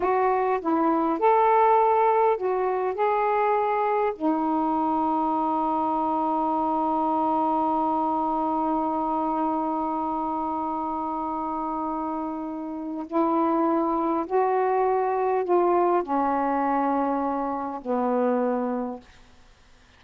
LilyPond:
\new Staff \with { instrumentName = "saxophone" } { \time 4/4 \tempo 4 = 101 fis'4 e'4 a'2 | fis'4 gis'2 dis'4~ | dis'1~ | dis'1~ |
dis'1~ | dis'2 e'2 | fis'2 f'4 cis'4~ | cis'2 b2 | }